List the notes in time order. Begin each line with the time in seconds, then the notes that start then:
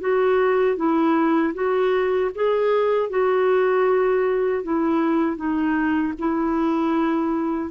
0.00 F#4
0.76 E4
1.54 F#4
2.35 G#4
3.09 F#4
4.63 E4
5.36 D#4
6.19 E4